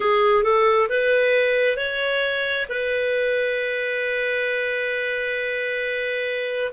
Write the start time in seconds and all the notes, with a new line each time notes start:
0.00 G#4
0.43 A4
0.89 B4
1.77 C#5
2.69 B4